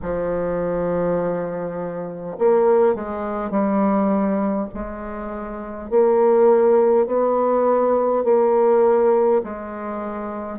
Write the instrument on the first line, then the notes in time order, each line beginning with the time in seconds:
bassoon
0.02 F3
2.38 A#3
2.94 G#3
3.50 G3
4.73 G#3
5.90 A#3
7.06 B3
8.24 A#3
9.43 G#3